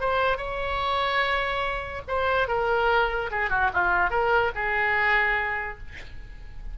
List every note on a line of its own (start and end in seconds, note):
0.00 0.37 C5
0.37 2.02 C#5
2.08 2.48 C5
2.48 3.30 A#4
3.31 3.50 G#4
3.50 3.70 F#4
3.73 4.10 F4
4.10 4.51 A#4
4.55 5.78 G#4